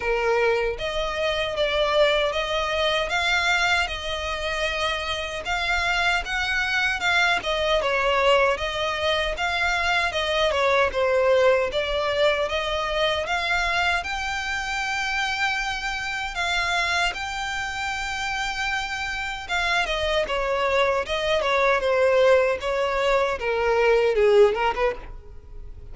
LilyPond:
\new Staff \with { instrumentName = "violin" } { \time 4/4 \tempo 4 = 77 ais'4 dis''4 d''4 dis''4 | f''4 dis''2 f''4 | fis''4 f''8 dis''8 cis''4 dis''4 | f''4 dis''8 cis''8 c''4 d''4 |
dis''4 f''4 g''2~ | g''4 f''4 g''2~ | g''4 f''8 dis''8 cis''4 dis''8 cis''8 | c''4 cis''4 ais'4 gis'8 ais'16 b'16 | }